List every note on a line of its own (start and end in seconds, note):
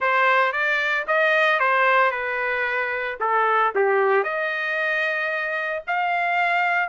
0.00 0.52 C5
0.52 1.05 D5
1.07 1.59 D#5
1.59 2.11 C5
2.11 3.17 B4
3.20 3.73 A4
3.75 4.23 G4
4.23 5.82 D#5
5.87 6.88 F5